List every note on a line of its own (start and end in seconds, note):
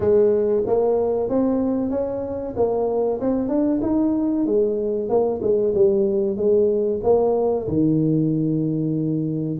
0.00 0.63 G#3
0.66 1.29 A#3
1.29 1.90 C4
1.90 2.54 C#4
2.56 3.20 A#3
3.21 3.48 C4
3.48 3.80 D4
3.82 4.45 D#4
4.45 5.09 G#3
5.09 5.41 A#3
5.41 5.73 G#3
5.74 6.36 G3
6.36 7.00 G#3
7.03 7.67 A#3
7.67 9.59 D#3